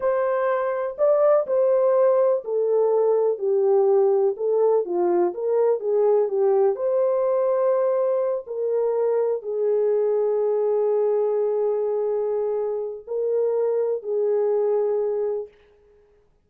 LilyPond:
\new Staff \with { instrumentName = "horn" } { \time 4/4 \tempo 4 = 124 c''2 d''4 c''4~ | c''4 a'2 g'4~ | g'4 a'4 f'4 ais'4 | gis'4 g'4 c''2~ |
c''4. ais'2 gis'8~ | gis'1~ | gis'2. ais'4~ | ais'4 gis'2. | }